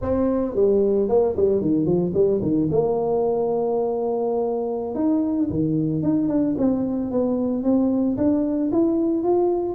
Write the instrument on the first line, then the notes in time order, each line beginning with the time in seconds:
tuba
0.01 C4
0.55 G3
1.09 A#3
1.36 G3
1.61 D#3
1.85 F3
2.14 G3
2.41 D#3
2.71 A#3
4.95 D#4
5.50 D#3
6.02 D#4
6.28 D4
6.57 C4
7.11 B3
7.63 C4
8.17 D4
8.72 E4
9.23 F4